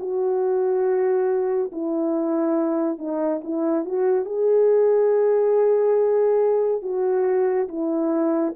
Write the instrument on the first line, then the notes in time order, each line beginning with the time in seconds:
horn
0.00 F#4
1.73 E4
2.99 D#4
3.44 E4
3.86 F#4
4.26 G#4
6.83 F#4
7.69 E4